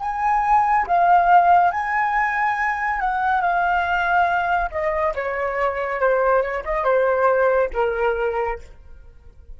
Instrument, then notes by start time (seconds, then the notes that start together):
flute
0.00 G#5
0.86 F5
1.71 G#5
3.00 F#5
3.41 F5
4.71 D#5
5.15 C#5
6.00 C5
6.42 C#5
6.65 D#5
6.84 C5
7.73 A#4